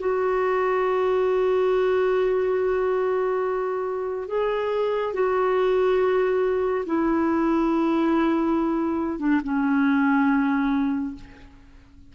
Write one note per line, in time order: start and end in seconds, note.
0.00 4.28 F#4
4.28 5.14 G#4
5.14 6.85 F#4
6.86 9.19 E4
9.19 9.41 D4
9.44 11.15 C#4